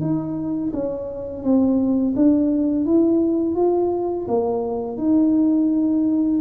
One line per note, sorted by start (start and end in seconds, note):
0.00 0.71 D#4
0.73 1.43 C#4
1.43 2.14 C4
2.16 2.85 D4
2.85 3.55 E4
3.55 4.26 F4
4.28 4.97 A#3
4.97 6.40 D#4